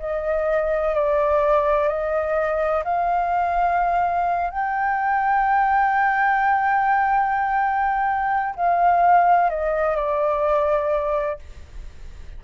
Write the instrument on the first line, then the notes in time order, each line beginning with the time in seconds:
flute
0.00 D#5
0.95 D5
1.89 D#5
2.84 F5
4.51 G5
8.56 F5
9.51 D#5
9.97 D5